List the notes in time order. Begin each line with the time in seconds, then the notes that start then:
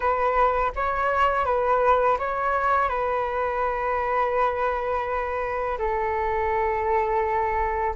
0.00 B4
0.75 C#5
1.45 B4
2.19 C#5
2.88 B4
5.78 A4